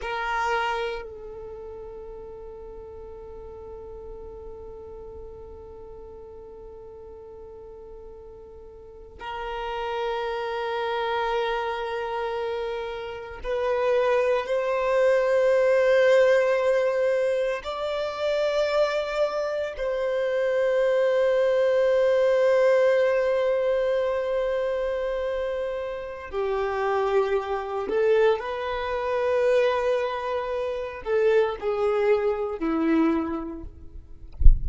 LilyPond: \new Staff \with { instrumentName = "violin" } { \time 4/4 \tempo 4 = 57 ais'4 a'2.~ | a'1~ | a'8. ais'2.~ ais'16~ | ais'8. b'4 c''2~ c''16~ |
c''8. d''2 c''4~ c''16~ | c''1~ | c''4 g'4. a'8 b'4~ | b'4. a'8 gis'4 e'4 | }